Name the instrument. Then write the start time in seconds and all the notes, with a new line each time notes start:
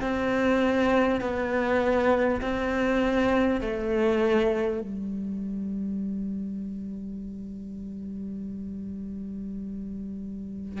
cello
0.00 C4
1.21 B3
2.41 C4
3.61 A3
4.80 G3